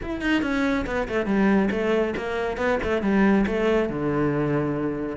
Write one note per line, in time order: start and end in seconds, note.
0.02 0.21 E4
0.21 0.41 D#4
0.41 0.85 C#4
0.86 1.08 B3
1.08 1.25 A3
1.25 1.69 G3
1.71 2.14 A3
2.16 2.57 A#3
2.57 2.78 B3
2.83 3.02 A3
3.02 3.45 G3
3.46 3.89 A3
3.89 5.16 D3